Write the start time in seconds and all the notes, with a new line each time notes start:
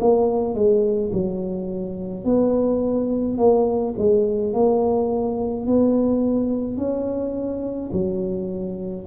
0.00 A#3
0.54 G#3
1.13 F#3
2.24 B3
3.38 A#3
3.98 G#3
4.53 A#3
5.67 B3
6.77 C#4
7.92 F#3